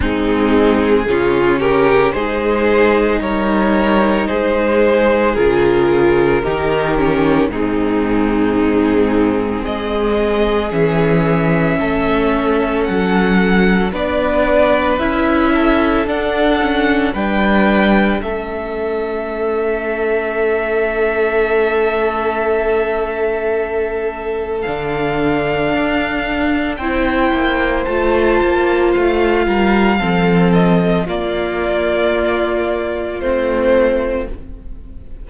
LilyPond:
<<
  \new Staff \with { instrumentName = "violin" } { \time 4/4 \tempo 4 = 56 gis'4. ais'8 c''4 cis''4 | c''4 ais'2 gis'4~ | gis'4 dis''4 e''2 | fis''4 d''4 e''4 fis''4 |
g''4 e''2.~ | e''2. f''4~ | f''4 g''4 a''4 f''4~ | f''8 dis''8 d''2 c''4 | }
  \new Staff \with { instrumentName = "violin" } { \time 4/4 dis'4 f'8 g'8 gis'4 ais'4 | gis'2 g'4 dis'4~ | dis'4 gis'2 a'4~ | a'4 b'4. a'4. |
b'4 a'2.~ | a'1~ | a'4 c''2~ c''8 ais'8 | a'4 f'2. | }
  \new Staff \with { instrumentName = "viola" } { \time 4/4 c'4 cis'4 dis'2~ | dis'4 f'4 dis'8 cis'8 c'4~ | c'2 cis'2~ | cis'4 d'4 e'4 d'8 cis'8 |
d'4 cis'2.~ | cis'2. d'4~ | d'4 e'4 f'2 | c'4 ais2 c'4 | }
  \new Staff \with { instrumentName = "cello" } { \time 4/4 gis4 cis4 gis4 g4 | gis4 cis4 dis4 gis,4~ | gis,4 gis4 e4 a4 | fis4 b4 cis'4 d'4 |
g4 a2.~ | a2. d4 | d'4 c'8 ais8 a8 ais8 a8 g8 | f4 ais2 a4 | }
>>